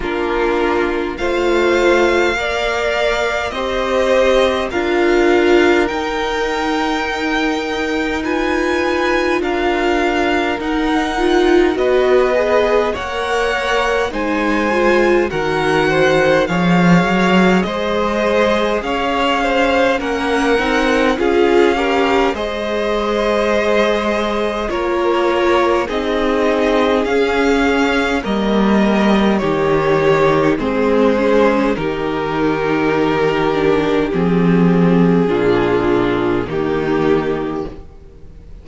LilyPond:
<<
  \new Staff \with { instrumentName = "violin" } { \time 4/4 \tempo 4 = 51 ais'4 f''2 dis''4 | f''4 g''2 gis''4 | f''4 fis''4 dis''4 fis''4 | gis''4 fis''4 f''4 dis''4 |
f''4 fis''4 f''4 dis''4~ | dis''4 cis''4 dis''4 f''4 | dis''4 cis''4 c''4 ais'4~ | ais'4 gis'2 g'4 | }
  \new Staff \with { instrumentName = "violin" } { \time 4/4 f'4 c''4 d''4 c''4 | ais'2. b'4 | ais'2 b'4 cis''4 | c''4 ais'8 c''8 cis''4 c''4 |
cis''8 c''8 ais'4 gis'8 ais'8 c''4~ | c''4 ais'4 gis'2 | ais'4 g'4 gis'4 g'4~ | g'2 f'4 dis'4 | }
  \new Staff \with { instrumentName = "viola" } { \time 4/4 d'4 f'4 ais'4 g'4 | f'4 dis'2 f'4~ | f'4 dis'8 f'8 fis'8 gis'8 ais'4 | dis'8 f'8 fis'4 gis'2~ |
gis'4 cis'8 dis'8 f'8 g'8 gis'4~ | gis'4 f'4 dis'4 cis'4 | ais4 dis'4 c'8 cis'8 dis'4~ | dis'8 d'8 c'4 d'4 ais4 | }
  \new Staff \with { instrumentName = "cello" } { \time 4/4 ais4 a4 ais4 c'4 | d'4 dis'2. | d'4 dis'4 b4 ais4 | gis4 dis4 f8 fis8 gis4 |
cis'4 ais8 c'8 cis'4 gis4~ | gis4 ais4 c'4 cis'4 | g4 dis4 gis4 dis4~ | dis4 f4 ais,4 dis4 | }
>>